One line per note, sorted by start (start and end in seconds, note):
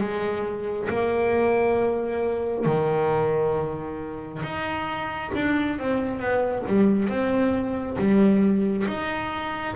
0.00 0.88 G#3
0.89 2.65 A#3
2.65 4.42 D#3
4.42 5.31 D#4
5.35 5.79 D4
5.79 6.19 C4
6.19 6.63 B3
6.67 7.08 G3
7.08 7.97 C4
7.98 8.86 G3
8.87 9.75 D#4